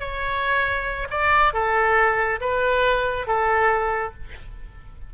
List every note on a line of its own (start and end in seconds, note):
0.00 1.08 C#5
1.10 1.54 D5
1.54 2.40 A4
2.41 3.27 B4
3.27 4.14 A4